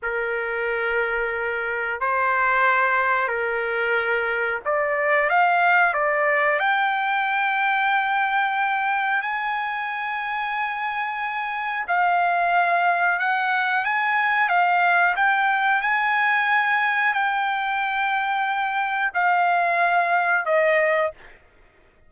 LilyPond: \new Staff \with { instrumentName = "trumpet" } { \time 4/4 \tempo 4 = 91 ais'2. c''4~ | c''4 ais'2 d''4 | f''4 d''4 g''2~ | g''2 gis''2~ |
gis''2 f''2 | fis''4 gis''4 f''4 g''4 | gis''2 g''2~ | g''4 f''2 dis''4 | }